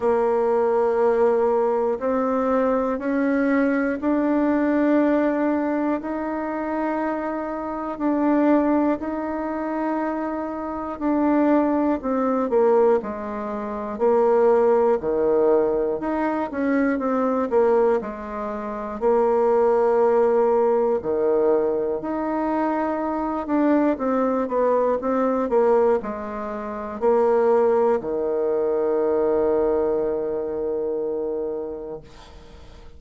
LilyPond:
\new Staff \with { instrumentName = "bassoon" } { \time 4/4 \tempo 4 = 60 ais2 c'4 cis'4 | d'2 dis'2 | d'4 dis'2 d'4 | c'8 ais8 gis4 ais4 dis4 |
dis'8 cis'8 c'8 ais8 gis4 ais4~ | ais4 dis4 dis'4. d'8 | c'8 b8 c'8 ais8 gis4 ais4 | dis1 | }